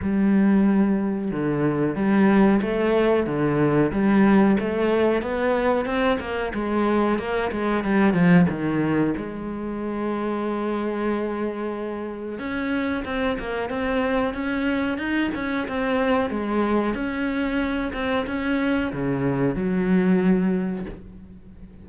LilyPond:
\new Staff \with { instrumentName = "cello" } { \time 4/4 \tempo 4 = 92 g2 d4 g4 | a4 d4 g4 a4 | b4 c'8 ais8 gis4 ais8 gis8 | g8 f8 dis4 gis2~ |
gis2. cis'4 | c'8 ais8 c'4 cis'4 dis'8 cis'8 | c'4 gis4 cis'4. c'8 | cis'4 cis4 fis2 | }